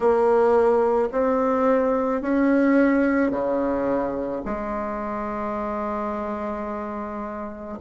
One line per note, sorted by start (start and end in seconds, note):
0.00 1.08 A#3
1.12 2.21 C4
2.21 3.30 C#4
3.30 4.41 C#3
4.45 7.78 G#3